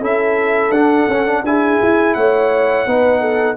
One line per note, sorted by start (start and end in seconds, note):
0.00 0.70 C#4
0.00 0.73 E4
0.00 1.43 A4
0.00 0.72 E5
0.70 1.06 D4
0.70 1.10 D4
0.70 1.44 F#5
1.08 1.44 C#4
1.08 1.27 C#4
1.27 1.44 D4
1.44 1.80 D4
1.44 2.88 E4
1.44 2.17 G#4
1.44 2.14 G#5
1.82 2.17 E4
2.14 2.87 A3
2.14 2.88 C#5
2.14 3.57 F#5
2.87 3.57 B3
2.87 3.57 D#4
2.87 3.21 B4
3.21 3.57 A4